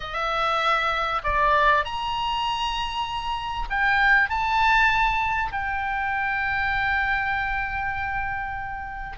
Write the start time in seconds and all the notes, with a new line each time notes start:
0.00 E5
1.23 D5
1.84 A#5
3.70 G5
4.29 A5
5.51 G5